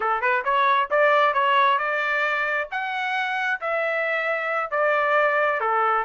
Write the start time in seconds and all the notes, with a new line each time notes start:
0.00 A4
0.21 B4
0.44 C#5
0.90 D5
1.33 C#5
1.78 D5
2.71 F#5
3.60 E5
4.70 D5
5.60 A4